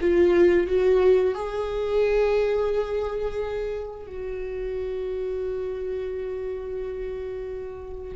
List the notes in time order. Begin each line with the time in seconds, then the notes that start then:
0.00 F4
0.67 F#4
1.34 G#4
4.07 F#4